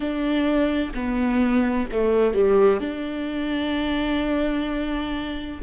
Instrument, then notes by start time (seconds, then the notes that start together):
viola
0.00 D4
0.94 B3
1.91 A3
2.34 G3
2.80 D4